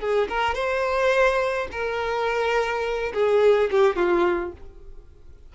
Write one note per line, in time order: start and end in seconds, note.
0.00 0.28 G#4
0.29 0.55 A#4
0.55 1.68 C5
1.72 3.13 A#4
3.14 3.70 G#4
3.71 3.96 G4
3.96 4.53 F4